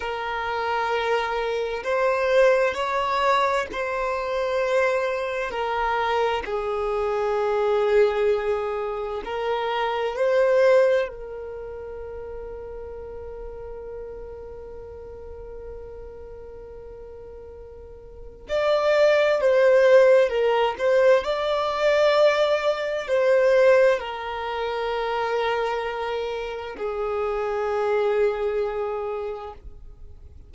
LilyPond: \new Staff \with { instrumentName = "violin" } { \time 4/4 \tempo 4 = 65 ais'2 c''4 cis''4 | c''2 ais'4 gis'4~ | gis'2 ais'4 c''4 | ais'1~ |
ais'1 | d''4 c''4 ais'8 c''8 d''4~ | d''4 c''4 ais'2~ | ais'4 gis'2. | }